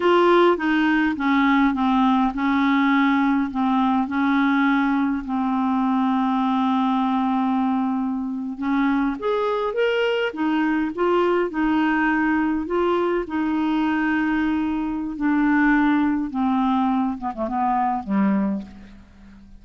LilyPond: \new Staff \with { instrumentName = "clarinet" } { \time 4/4 \tempo 4 = 103 f'4 dis'4 cis'4 c'4 | cis'2 c'4 cis'4~ | cis'4 c'2.~ | c'2~ c'8. cis'4 gis'16~ |
gis'8. ais'4 dis'4 f'4 dis'16~ | dis'4.~ dis'16 f'4 dis'4~ dis'16~ | dis'2 d'2 | c'4. b16 a16 b4 g4 | }